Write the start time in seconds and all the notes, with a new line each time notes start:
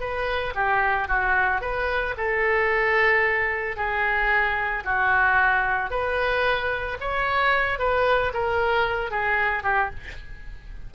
0.00 B4
0.55 G4
1.08 F#4
1.61 B4
2.17 A4
3.76 G#4
4.84 F#4
5.90 B4
7.00 C#5
7.79 B4
8.33 A#4
9.11 G#4
9.63 G4